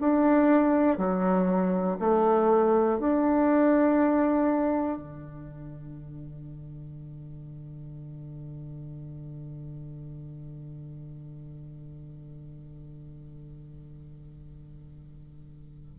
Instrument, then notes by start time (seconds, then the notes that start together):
bassoon
0.00 D4
0.98 F#3
2.00 A3
2.99 D4
4.98 D3